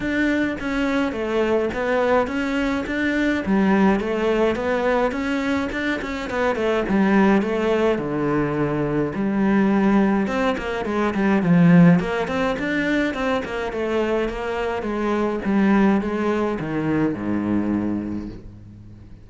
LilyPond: \new Staff \with { instrumentName = "cello" } { \time 4/4 \tempo 4 = 105 d'4 cis'4 a4 b4 | cis'4 d'4 g4 a4 | b4 cis'4 d'8 cis'8 b8 a8 | g4 a4 d2 |
g2 c'8 ais8 gis8 g8 | f4 ais8 c'8 d'4 c'8 ais8 | a4 ais4 gis4 g4 | gis4 dis4 gis,2 | }